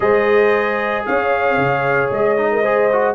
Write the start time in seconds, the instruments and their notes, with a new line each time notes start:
0.00 tuba G#3, trombone G#4, horn C5, trumpet D#5
1.06 tuba C#4, horn C#5, trumpet F5
1.57 tuba C#3
2.10 tuba G#3, trumpet D#5
2.37 trombone D#4
2.52 horn A#4
2.62 trombone G#4, horn C5
2.92 trombone F#4